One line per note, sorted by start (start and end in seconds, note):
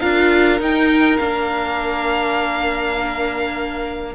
0.00 0.60 D4
0.00 0.59 F4
0.00 4.15 A#4
0.00 0.59 F5
0.59 1.19 D#4
0.59 1.20 D#4
0.59 1.17 G5
1.17 4.15 A#3
1.17 4.15 D4
1.17 4.14 F5